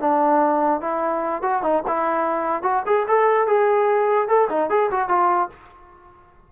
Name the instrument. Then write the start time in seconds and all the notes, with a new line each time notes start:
trombone
0.00 D4
0.81 E4
1.42 F#4
1.63 D#4
1.88 E4
2.63 F#4
2.86 G#4
3.08 A4
3.47 G#4
4.28 A4
4.49 D#4
4.70 G#4
4.91 F#4
5.09 F4